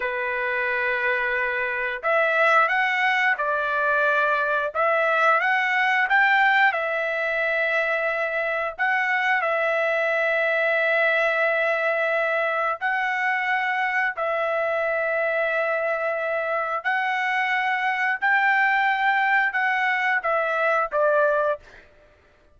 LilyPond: \new Staff \with { instrumentName = "trumpet" } { \time 4/4 \tempo 4 = 89 b'2. e''4 | fis''4 d''2 e''4 | fis''4 g''4 e''2~ | e''4 fis''4 e''2~ |
e''2. fis''4~ | fis''4 e''2.~ | e''4 fis''2 g''4~ | g''4 fis''4 e''4 d''4 | }